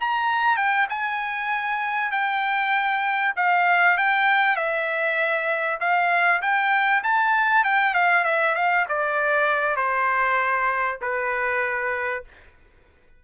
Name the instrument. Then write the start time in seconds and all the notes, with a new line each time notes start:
trumpet
0.00 A#5
0.56 G5
0.89 G#5
2.11 G5
3.36 F5
3.97 G5
4.56 E5
5.80 F5
6.42 G5
7.04 A5
7.64 G5
7.94 F5
8.24 E5
8.55 F5
8.89 D5
9.76 C5
11.01 B4